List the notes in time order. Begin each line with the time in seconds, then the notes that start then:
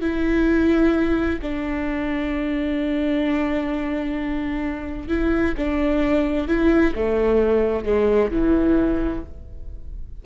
0.00 E4
1.41 D4
5.08 E4
5.57 D4
6.48 E4
6.95 A3
7.84 G#3
8.31 E3